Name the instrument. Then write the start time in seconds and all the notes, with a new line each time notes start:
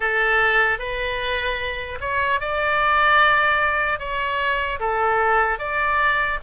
oboe
0.00 A4
0.78 B4
2.00 C#5
2.40 D5
3.99 C#5
4.79 A4
5.59 D5